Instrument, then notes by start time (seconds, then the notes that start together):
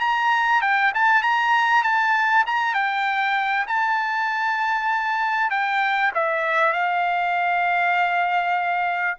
trumpet
0.00 A#5
0.62 G5
0.94 A5
1.22 A#5
1.83 A5
2.46 A#5
2.74 G5
3.67 A5
5.50 G5
6.14 E5
6.73 F5